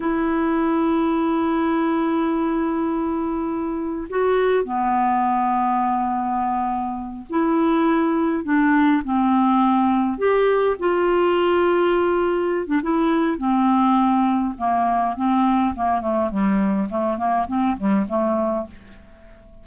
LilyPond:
\new Staff \with { instrumentName = "clarinet" } { \time 4/4 \tempo 4 = 103 e'1~ | e'2. fis'4 | b1~ | b8 e'2 d'4 c'8~ |
c'4. g'4 f'4.~ | f'4.~ f'16 d'16 e'4 c'4~ | c'4 ais4 c'4 ais8 a8 | g4 a8 ais8 c'8 g8 a4 | }